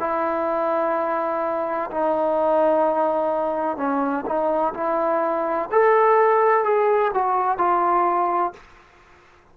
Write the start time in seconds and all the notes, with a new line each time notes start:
0.00 E4
1.90 D#4
3.77 C#4
4.26 D#4
4.74 E4
5.71 A4
6.64 G#4
7.14 F#4
7.58 F4